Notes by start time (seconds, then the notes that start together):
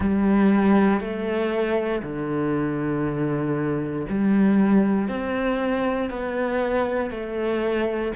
0.00 G3
1.00 A3
2.02 D3
4.09 G3
5.08 C4
6.10 B3
7.10 A3